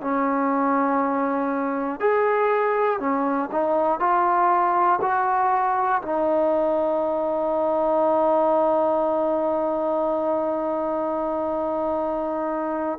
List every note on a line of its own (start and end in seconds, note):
0.00 2.00 C#4
2.00 3.00 G#4
3.00 3.50 C#4
3.51 4.00 D#4
4.00 5.00 F4
5.01 6.01 F#4
6.02 12.98 D#4